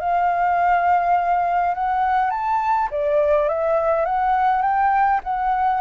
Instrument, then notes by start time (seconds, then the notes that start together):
flute
0.00 F5
1.75 F#5
2.31 A5
2.92 D5
3.49 E5
4.06 F#5
4.63 G5
5.24 F#5